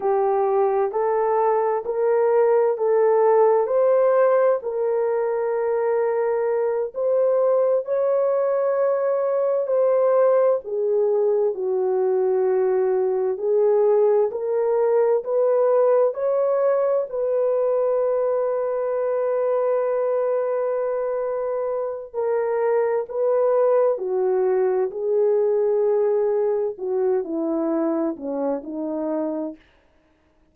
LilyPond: \new Staff \with { instrumentName = "horn" } { \time 4/4 \tempo 4 = 65 g'4 a'4 ais'4 a'4 | c''4 ais'2~ ais'8 c''8~ | c''8 cis''2 c''4 gis'8~ | gis'8 fis'2 gis'4 ais'8~ |
ais'8 b'4 cis''4 b'4.~ | b'1 | ais'4 b'4 fis'4 gis'4~ | gis'4 fis'8 e'4 cis'8 dis'4 | }